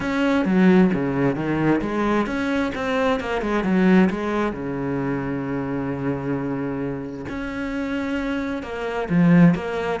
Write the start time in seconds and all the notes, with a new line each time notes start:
0.00 C#4
0.45 F#3
0.93 C#3
1.35 D#3
1.81 G#3
2.26 C#4
2.74 C4
3.20 A#3
3.41 G#3
3.63 F#3
4.10 G#3
4.52 C#3
7.29 C#4
8.62 A#3
9.09 F3
9.55 A#3